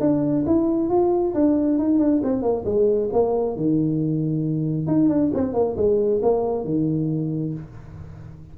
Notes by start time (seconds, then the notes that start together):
0.00 D4
0.46 E4
0.89 F4
1.34 D4
1.79 D#4
1.99 D4
2.23 C4
2.42 A#3
2.65 G#3
3.12 A#3
3.56 D#3
4.87 D#4
5.09 D4
5.34 C4
5.54 A#3
5.77 G#3
6.22 A#3
6.65 D#3